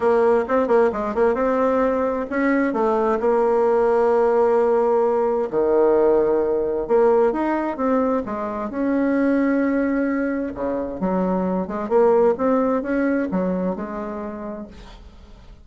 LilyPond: \new Staff \with { instrumentName = "bassoon" } { \time 4/4 \tempo 4 = 131 ais4 c'8 ais8 gis8 ais8 c'4~ | c'4 cis'4 a4 ais4~ | ais1 | dis2. ais4 |
dis'4 c'4 gis4 cis'4~ | cis'2. cis4 | fis4. gis8 ais4 c'4 | cis'4 fis4 gis2 | }